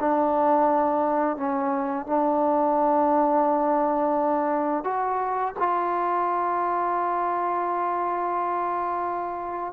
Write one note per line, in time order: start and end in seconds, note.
0.00 1.37 D4
1.37 2.07 C#4
2.07 4.84 D4
4.84 5.54 F#4
5.59 9.74 F4